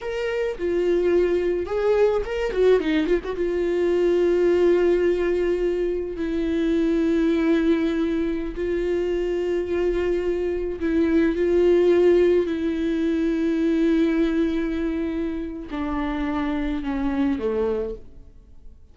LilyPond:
\new Staff \with { instrumentName = "viola" } { \time 4/4 \tempo 4 = 107 ais'4 f'2 gis'4 | ais'8 fis'8 dis'8 f'16 fis'16 f'2~ | f'2. e'4~ | e'2.~ e'16 f'8.~ |
f'2.~ f'16 e'8.~ | e'16 f'2 e'4.~ e'16~ | e'1 | d'2 cis'4 a4 | }